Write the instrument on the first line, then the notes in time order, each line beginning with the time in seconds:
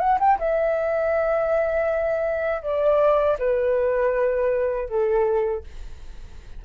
flute
0.00 F#5
0.20 G5
0.39 E5
2.63 D5
3.39 B4
4.89 A4